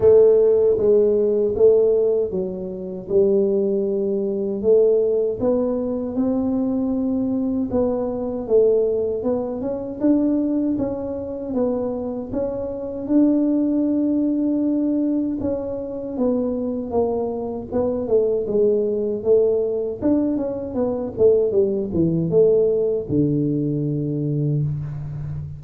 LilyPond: \new Staff \with { instrumentName = "tuba" } { \time 4/4 \tempo 4 = 78 a4 gis4 a4 fis4 | g2 a4 b4 | c'2 b4 a4 | b8 cis'8 d'4 cis'4 b4 |
cis'4 d'2. | cis'4 b4 ais4 b8 a8 | gis4 a4 d'8 cis'8 b8 a8 | g8 e8 a4 d2 | }